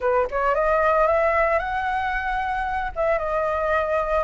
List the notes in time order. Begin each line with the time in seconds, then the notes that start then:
0.00 B4
0.30 C#5
0.55 D#5
1.07 E5
1.59 F#5
2.95 E5
3.18 D#5